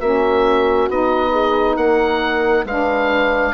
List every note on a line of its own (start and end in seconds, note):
0.00 0.88 A#3
0.00 0.89 C#4
0.00 1.31 F#4
0.00 0.89 E5
0.88 1.76 B3
0.88 2.66 D#4
0.88 1.76 D#5
1.31 1.75 G#4
1.76 2.64 A#3
1.76 2.65 A#4
1.76 2.65 F#5
2.64 3.52 G#3
2.64 3.54 D4
2.64 3.53 B4
2.64 3.54 F5